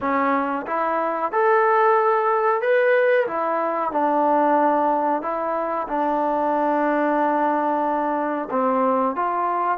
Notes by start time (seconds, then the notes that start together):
0.00 C#4
0.67 E4
1.32 A4
2.61 B4
3.27 E4
3.91 D4
5.21 E4
5.88 D4
8.50 C4
9.15 F4